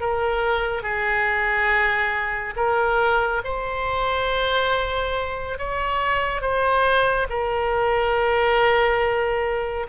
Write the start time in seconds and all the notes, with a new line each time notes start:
0.00 A#4
0.83 G#4
2.56 A#4
3.44 C5
5.58 C#5
6.41 C5
7.29 A#4